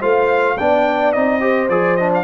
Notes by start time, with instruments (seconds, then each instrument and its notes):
0.00 tuba A3, trombone F4, horn C5, trumpet F5
0.57 tuba B3, trombone D4, horn D5, trumpet G5
1.12 tuba C4, trombone D#4, trumpet D#5
1.40 trombone G4, horn C5
1.69 tuba F3, trombone G#4, trumpet D5
1.96 trombone D4, trumpet D#5
2.14 trumpet F5